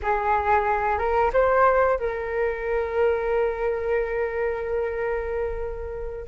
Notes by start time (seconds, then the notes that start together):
0.02 G#4
0.98 A#4
1.33 C5
1.99 A#4